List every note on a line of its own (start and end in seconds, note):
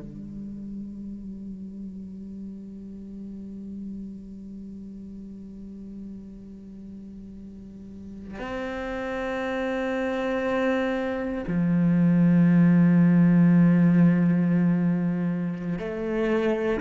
0.00 8.39 G3
8.39 11.44 C4
11.47 15.78 F3
15.78 16.80 A3